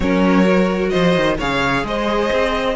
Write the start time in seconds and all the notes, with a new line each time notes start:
0.00 F#3 C#4 A#4 C#5
0.44 F#4
0.89 F3 C5 D#5
1.16 D#3
1.37 C#3 G#4 C#5 F5
1.83 G#3 C5 D#5
2.32 C4